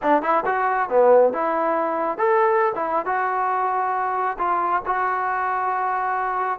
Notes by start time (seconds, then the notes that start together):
0.02 D4
0.22 E4
0.45 F#4
0.89 B3
1.33 E4
2.18 A4
2.75 E4
3.05 F#4
4.38 F4
4.85 F#4